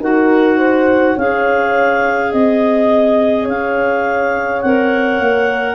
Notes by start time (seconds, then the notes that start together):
0.00 D#4 F#4 A#4 F#5
0.58 C5
1.14 C#4 G#4 C#5 F5
2.32 C4 D#5
3.43 C#4 C#5 F5
4.61 C4 A#4 F#5
5.19 A#3